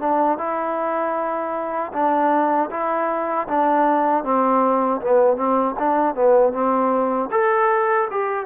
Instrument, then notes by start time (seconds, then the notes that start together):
trombone
0.00 D4
0.38 E4
1.93 D4
2.71 E4
3.48 D4
4.24 C4
5.01 B3
5.37 C4
5.79 D4
6.15 B3
6.53 C4
7.31 A4
8.11 G4